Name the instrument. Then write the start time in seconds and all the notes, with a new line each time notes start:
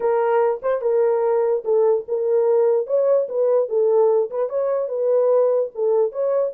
horn
0.00 A#4
0.62 C5
0.81 A#4
1.64 A4
2.08 A#4
2.86 C#5
3.29 B4
3.68 A4
4.30 B4
4.49 C#5
4.88 B4
5.74 A4
6.12 C#5